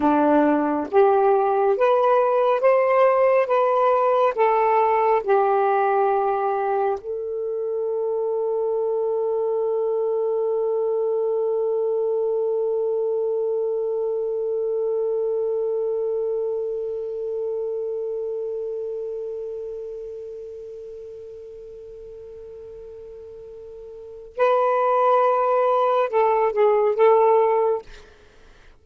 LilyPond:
\new Staff \with { instrumentName = "saxophone" } { \time 4/4 \tempo 4 = 69 d'4 g'4 b'4 c''4 | b'4 a'4 g'2 | a'1~ | a'1~ |
a'1~ | a'1~ | a'1 | b'2 a'8 gis'8 a'4 | }